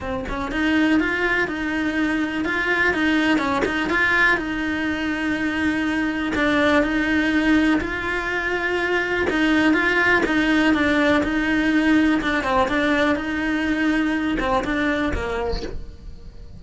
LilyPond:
\new Staff \with { instrumentName = "cello" } { \time 4/4 \tempo 4 = 123 c'8 cis'8 dis'4 f'4 dis'4~ | dis'4 f'4 dis'4 cis'8 dis'8 | f'4 dis'2.~ | dis'4 d'4 dis'2 |
f'2. dis'4 | f'4 dis'4 d'4 dis'4~ | dis'4 d'8 c'8 d'4 dis'4~ | dis'4. c'8 d'4 ais4 | }